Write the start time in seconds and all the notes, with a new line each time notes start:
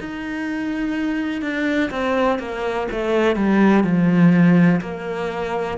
0.00 D#4
1.42 D4
1.90 C4
2.39 A#3
2.91 A3
3.36 G3
3.83 F3
4.81 A#3